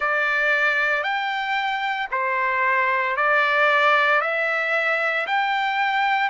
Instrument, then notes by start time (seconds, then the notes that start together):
trumpet
0.00 D5
1.02 G5
2.11 C5
3.16 D5
4.21 E5
5.26 G5